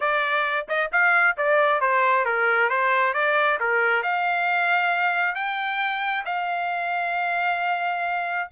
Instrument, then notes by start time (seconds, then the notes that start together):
trumpet
0.00 D5
0.68 D#5
0.92 F5
1.37 D5
1.80 C5
2.25 A#4
2.69 C5
3.13 D5
3.60 A#4
4.02 F5
5.35 G5
6.25 F5